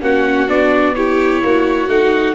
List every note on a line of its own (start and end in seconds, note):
0.00 0.48 A#3
0.00 0.47 C#4
0.00 0.95 F#4
0.00 0.49 F#5
0.47 1.42 B3
0.47 0.94 D4
0.47 0.94 D5
0.94 1.88 E4
0.94 1.43 G4
0.94 1.88 C#5
1.42 1.88 A#3
1.42 2.34 F#4
1.88 2.34 A3
1.88 2.34 D#4
1.88 2.34 F#5